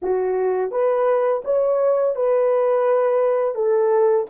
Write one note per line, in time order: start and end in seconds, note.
0.02 0.71 F#4
0.71 1.42 B4
1.44 2.15 C#5
2.15 3.54 B4
3.54 4.26 A4